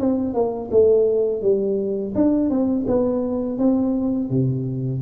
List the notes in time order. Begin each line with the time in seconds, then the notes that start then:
0.00 C4
0.34 A#3
0.71 A3
1.42 G3
2.15 D4
2.50 C4
2.87 B3
3.58 C4
4.30 C3